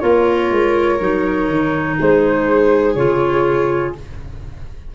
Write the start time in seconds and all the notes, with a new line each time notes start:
0.00 A#3 F4 A#4 C#5
0.51 G#3
1.00 F#3 D#4
1.49 D#3
1.98 G#3 G#4 C5
2.95 C#3 F4 C#5